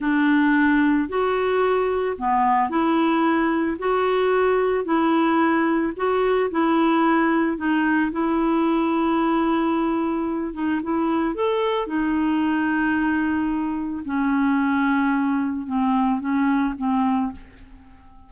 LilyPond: \new Staff \with { instrumentName = "clarinet" } { \time 4/4 \tempo 4 = 111 d'2 fis'2 | b4 e'2 fis'4~ | fis'4 e'2 fis'4 | e'2 dis'4 e'4~ |
e'2.~ e'8 dis'8 | e'4 a'4 dis'2~ | dis'2 cis'2~ | cis'4 c'4 cis'4 c'4 | }